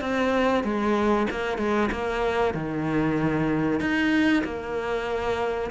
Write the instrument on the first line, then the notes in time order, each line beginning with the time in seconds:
cello
0.00 C4
0.63 G#3
1.30 A#3
1.58 G#3
1.91 A#3
2.54 D#3
3.80 D#4
4.44 A#3